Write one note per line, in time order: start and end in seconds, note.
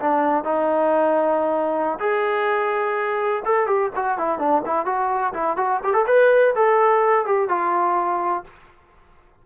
0.00 0.44 D4
0.44 1.99 D#4
2.00 3.43 G#4
3.45 3.67 A4
3.67 3.90 G4
3.95 4.18 F#4
4.18 4.39 E4
4.39 4.62 D4
4.66 4.85 E4
4.85 5.33 F#4
5.34 5.57 E4
5.57 5.81 F#4
5.84 5.94 G4
5.94 6.06 A4
6.07 6.54 B4
6.55 7.26 A4
7.26 7.49 G4
7.49 8.44 F4